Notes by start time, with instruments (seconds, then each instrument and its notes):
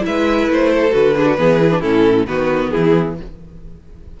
0.00 viola E4, violin E5
0.06 cello G#3, violin B4
0.48 cello A3, violin C5
0.71 violin A4
0.90 cello D3, viola F#4, violin B4
1.16 viola D4, violin G#4
1.25 violin F#4
1.37 cello E3, viola B3, violin G#4
1.60 viola E4
1.70 viola D4
1.80 cello A2, viola C#4, violin E4 A4
2.26 cello D#3, viola B3, violin F#4 B4
2.70 cello E3, violin E4 G#4